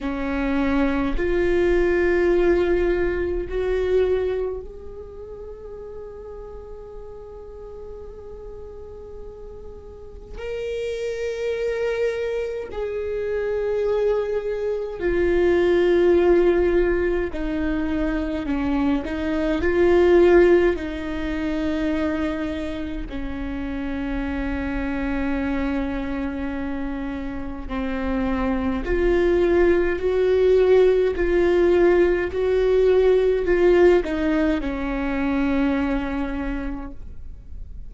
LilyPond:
\new Staff \with { instrumentName = "viola" } { \time 4/4 \tempo 4 = 52 cis'4 f'2 fis'4 | gis'1~ | gis'4 ais'2 gis'4~ | gis'4 f'2 dis'4 |
cis'8 dis'8 f'4 dis'2 | cis'1 | c'4 f'4 fis'4 f'4 | fis'4 f'8 dis'8 cis'2 | }